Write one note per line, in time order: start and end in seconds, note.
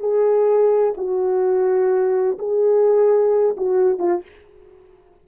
0.00 0.94 G#4
0.97 2.38 F#4
2.39 3.56 G#4
3.57 3.99 F#4
3.99 4.22 F4